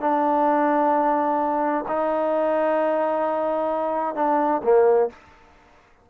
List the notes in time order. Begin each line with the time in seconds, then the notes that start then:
0.00 D4
1.88 D#4
4.15 D4
4.63 A#3